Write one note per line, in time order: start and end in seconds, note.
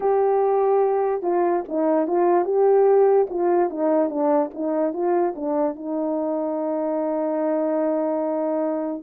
0.00 1.22 G4
1.22 1.63 F4
1.68 2.07 D#4
2.07 2.44 F4
2.44 3.27 G4
3.29 3.70 F4
3.70 4.09 D#4
4.09 4.50 D4
4.54 4.93 D#4
4.93 5.34 F4
5.35 5.75 D4
5.75 9.03 D#4